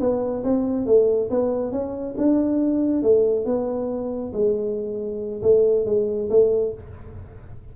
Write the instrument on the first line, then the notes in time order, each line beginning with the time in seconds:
tuba
0.00 B3
0.44 C4
0.86 A3
1.30 B3
1.72 C#4
2.17 D4
3.03 A3
3.45 B3
4.33 G#3
5.42 A3
5.85 G#3
6.30 A3